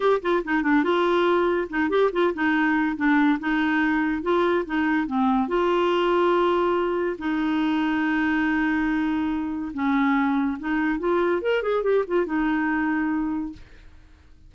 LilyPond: \new Staff \with { instrumentName = "clarinet" } { \time 4/4 \tempo 4 = 142 g'8 f'8 dis'8 d'8 f'2 | dis'8 g'8 f'8 dis'4. d'4 | dis'2 f'4 dis'4 | c'4 f'2.~ |
f'4 dis'2.~ | dis'2. cis'4~ | cis'4 dis'4 f'4 ais'8 gis'8 | g'8 f'8 dis'2. | }